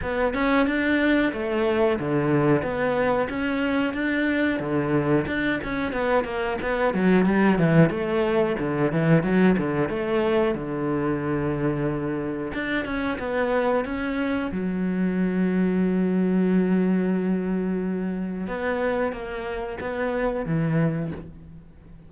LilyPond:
\new Staff \with { instrumentName = "cello" } { \time 4/4 \tempo 4 = 91 b8 cis'8 d'4 a4 d4 | b4 cis'4 d'4 d4 | d'8 cis'8 b8 ais8 b8 fis8 g8 e8 | a4 d8 e8 fis8 d8 a4 |
d2. d'8 cis'8 | b4 cis'4 fis2~ | fis1 | b4 ais4 b4 e4 | }